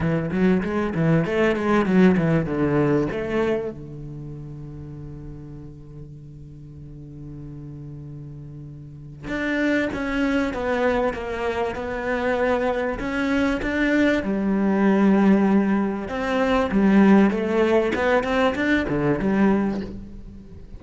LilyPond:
\new Staff \with { instrumentName = "cello" } { \time 4/4 \tempo 4 = 97 e8 fis8 gis8 e8 a8 gis8 fis8 e8 | d4 a4 d2~ | d1~ | d2. d'4 |
cis'4 b4 ais4 b4~ | b4 cis'4 d'4 g4~ | g2 c'4 g4 | a4 b8 c'8 d'8 d8 g4 | }